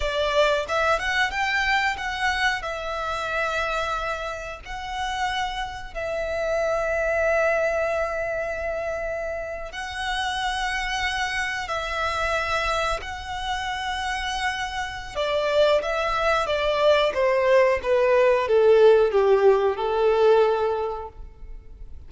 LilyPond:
\new Staff \with { instrumentName = "violin" } { \time 4/4 \tempo 4 = 91 d''4 e''8 fis''8 g''4 fis''4 | e''2. fis''4~ | fis''4 e''2.~ | e''2~ e''8. fis''4~ fis''16~ |
fis''4.~ fis''16 e''2 fis''16~ | fis''2. d''4 | e''4 d''4 c''4 b'4 | a'4 g'4 a'2 | }